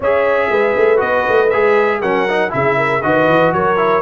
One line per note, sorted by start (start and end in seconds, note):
0.00 0.49 C#4
0.00 0.96 G#4
0.00 0.50 C#5
0.00 0.99 E5
0.49 0.75 G#3
0.49 2.00 B4
0.76 1.01 A3
0.96 1.26 B3
0.96 1.47 F#4
0.96 1.49 D#5
1.28 1.54 A3
1.49 2.02 G#3
1.49 2.03 G#4
1.49 2.00 E5
2.00 2.53 F#3
2.00 2.28 C#4
2.00 2.51 A#4
2.00 2.52 F#5
2.29 2.50 D#4
2.50 3.03 C#3
2.50 3.00 E4
2.50 2.77 G#4
2.50 3.02 E5
2.77 3.02 A#4
3.02 3.27 D#3
3.02 3.77 F#4
3.02 3.54 B4
3.02 3.52 D#5
3.27 3.52 E3
3.52 4.01 F#3
3.52 4.01 A#4
3.52 4.01 C#5
3.77 4.01 E4